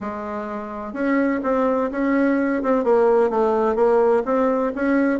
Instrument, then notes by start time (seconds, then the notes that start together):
bassoon
0.00 G#3
0.93 C#4
1.43 C4
1.91 C#4
2.62 C4
2.83 A#3
3.29 A3
3.75 A#3
4.25 C4
4.75 C#4